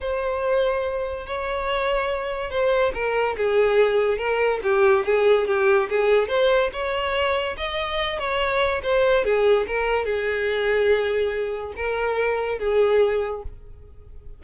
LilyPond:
\new Staff \with { instrumentName = "violin" } { \time 4/4 \tempo 4 = 143 c''2. cis''4~ | cis''2 c''4 ais'4 | gis'2 ais'4 g'4 | gis'4 g'4 gis'4 c''4 |
cis''2 dis''4. cis''8~ | cis''4 c''4 gis'4 ais'4 | gis'1 | ais'2 gis'2 | }